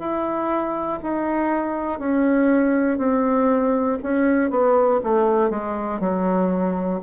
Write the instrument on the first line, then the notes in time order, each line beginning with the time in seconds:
bassoon
0.00 E4
1.03 D#4
2.00 C#4
2.99 C4
4.03 C#4
4.51 B3
5.04 A3
5.50 G#3
6.01 F#3